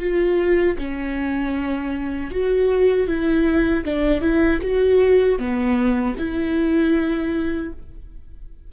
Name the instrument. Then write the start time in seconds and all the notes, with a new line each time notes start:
viola
0.00 F4
0.78 C#4
2.31 F#4
3.08 E4
3.85 D4
4.21 E4
4.63 F#4
5.39 B3
6.19 E4